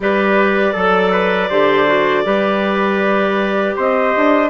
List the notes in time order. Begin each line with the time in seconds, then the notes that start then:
0.00 G3 G4 B4 D5
0.73 F#3 A4
1.11 B4
1.49 D3 G4 C5
1.87 F#4
2.24 G3 G4 B4
3.75 C4 C5 D#5
4.15 D4